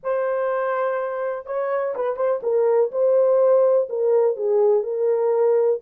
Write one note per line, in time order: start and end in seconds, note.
0.03 1.46 C5
1.46 1.94 C#5
1.95 2.16 B4
2.16 2.40 C5
2.42 2.91 A#4
2.91 3.88 C5
3.89 4.36 A#4
4.36 4.83 G#4
4.83 5.80 A#4